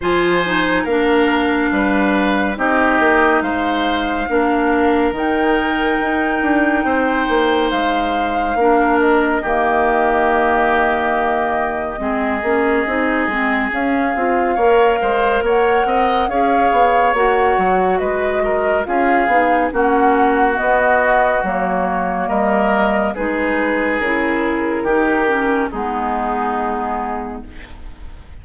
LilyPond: <<
  \new Staff \with { instrumentName = "flute" } { \time 4/4 \tempo 4 = 70 gis''4 f''2 dis''4 | f''2 g''2~ | g''4 f''4. dis''4.~ | dis''1 |
f''2 fis''4 f''4 | fis''4 dis''4 f''4 fis''4 | dis''4 cis''4 dis''4 b'4 | ais'2 gis'2 | }
  \new Staff \with { instrumentName = "oboe" } { \time 4/4 c''4 ais'4 b'4 g'4 | c''4 ais'2. | c''2 ais'4 g'4~ | g'2 gis'2~ |
gis'4 cis''8 c''8 cis''8 dis''8 cis''4~ | cis''4 b'8 ais'8 gis'4 fis'4~ | fis'2 ais'4 gis'4~ | gis'4 g'4 dis'2 | }
  \new Staff \with { instrumentName = "clarinet" } { \time 4/4 f'8 dis'8 d'2 dis'4~ | dis'4 d'4 dis'2~ | dis'2 d'4 ais4~ | ais2 c'8 cis'8 dis'8 c'8 |
cis'8 f'8 ais'2 gis'4 | fis'2 f'8 dis'8 cis'4 | b4 ais2 dis'4 | e'4 dis'8 cis'8 b2 | }
  \new Staff \with { instrumentName = "bassoon" } { \time 4/4 f4 ais4 g4 c'8 ais8 | gis4 ais4 dis4 dis'8 d'8 | c'8 ais8 gis4 ais4 dis4~ | dis2 gis8 ais8 c'8 gis8 |
cis'8 c'8 ais8 gis8 ais8 c'8 cis'8 b8 | ais8 fis8 gis4 cis'8 b8 ais4 | b4 fis4 g4 gis4 | cis4 dis4 gis2 | }
>>